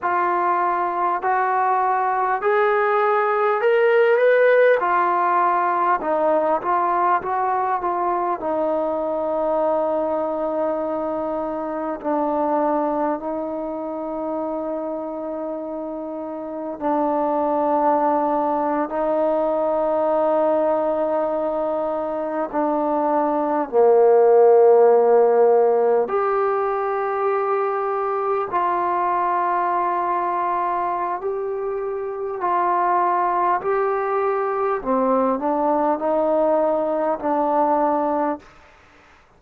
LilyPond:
\new Staff \with { instrumentName = "trombone" } { \time 4/4 \tempo 4 = 50 f'4 fis'4 gis'4 ais'8 b'8 | f'4 dis'8 f'8 fis'8 f'8 dis'4~ | dis'2 d'4 dis'4~ | dis'2 d'4.~ d'16 dis'16~ |
dis'2~ dis'8. d'4 ais16~ | ais4.~ ais16 g'2 f'16~ | f'2 g'4 f'4 | g'4 c'8 d'8 dis'4 d'4 | }